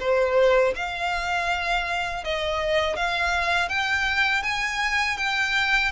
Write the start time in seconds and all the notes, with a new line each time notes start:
0.00 C5
0.75 F5
2.24 D#5
2.96 F5
3.69 G5
4.43 G#5
5.17 G5